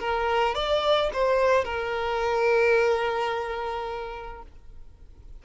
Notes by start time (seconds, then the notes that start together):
0.00 A#4
0.55 D5
1.13 C5
1.65 A#4